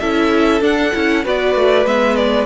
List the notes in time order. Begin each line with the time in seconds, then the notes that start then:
0.00 C#4 E4 A4 E5
0.61 D4 F#5
0.93 C#4 E4
1.24 B3 F#4 B4 D5
1.56 A3
1.86 G#3 B3 E5
2.16 D5